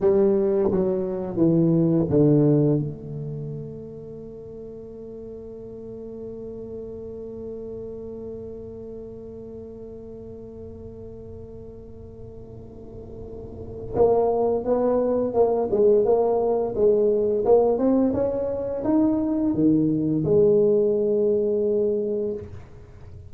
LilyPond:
\new Staff \with { instrumentName = "tuba" } { \time 4/4 \tempo 4 = 86 g4 fis4 e4 d4 | a1~ | a1~ | a1~ |
a1 | ais4 b4 ais8 gis8 ais4 | gis4 ais8 c'8 cis'4 dis'4 | dis4 gis2. | }